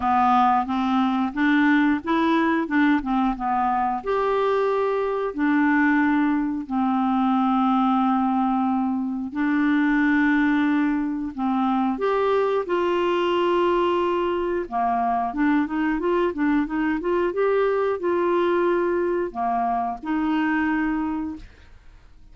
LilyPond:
\new Staff \with { instrumentName = "clarinet" } { \time 4/4 \tempo 4 = 90 b4 c'4 d'4 e'4 | d'8 c'8 b4 g'2 | d'2 c'2~ | c'2 d'2~ |
d'4 c'4 g'4 f'4~ | f'2 ais4 d'8 dis'8 | f'8 d'8 dis'8 f'8 g'4 f'4~ | f'4 ais4 dis'2 | }